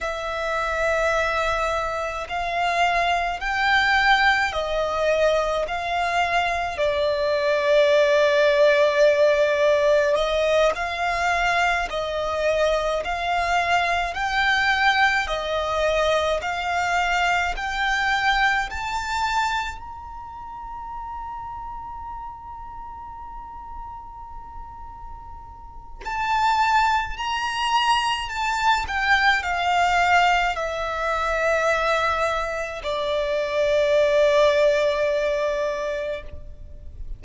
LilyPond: \new Staff \with { instrumentName = "violin" } { \time 4/4 \tempo 4 = 53 e''2 f''4 g''4 | dis''4 f''4 d''2~ | d''4 dis''8 f''4 dis''4 f''8~ | f''8 g''4 dis''4 f''4 g''8~ |
g''8 a''4 ais''2~ ais''8~ | ais''2. a''4 | ais''4 a''8 g''8 f''4 e''4~ | e''4 d''2. | }